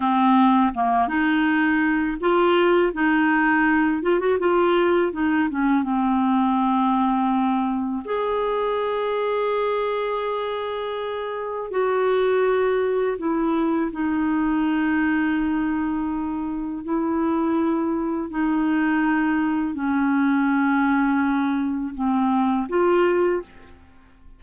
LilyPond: \new Staff \with { instrumentName = "clarinet" } { \time 4/4 \tempo 4 = 82 c'4 ais8 dis'4. f'4 | dis'4. f'16 fis'16 f'4 dis'8 cis'8 | c'2. gis'4~ | gis'1 |
fis'2 e'4 dis'4~ | dis'2. e'4~ | e'4 dis'2 cis'4~ | cis'2 c'4 f'4 | }